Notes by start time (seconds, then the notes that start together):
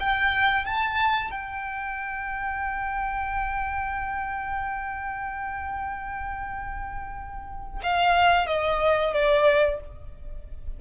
0.00 G5
0.66 A5
1.32 G5
7.84 F5
8.47 D#5
9.14 D5